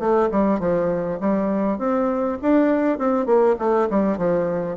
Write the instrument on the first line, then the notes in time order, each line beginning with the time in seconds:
bassoon
0.00 A3
0.31 G3
0.60 F3
1.21 G3
1.79 C4
2.42 D4
2.99 C4
3.26 A#3
3.59 A3
3.90 G3
4.18 F3